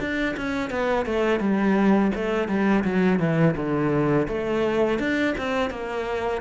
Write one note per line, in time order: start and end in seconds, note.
0.00 0.36 D4
0.37 0.70 C#4
0.70 1.06 B3
1.06 1.40 A3
1.40 2.12 G3
2.15 2.48 A3
2.48 2.84 G3
2.85 3.19 F#3
3.19 3.55 E3
3.56 4.28 D3
4.28 4.99 A3
4.99 5.35 D4
5.38 5.71 C4
5.71 6.42 A#3